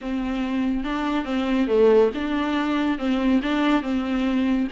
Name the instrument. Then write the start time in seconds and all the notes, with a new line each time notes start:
viola
0.01 C4
0.84 D4
1.25 C4
1.67 A3
2.14 D4
2.98 C4
3.42 D4
3.82 C4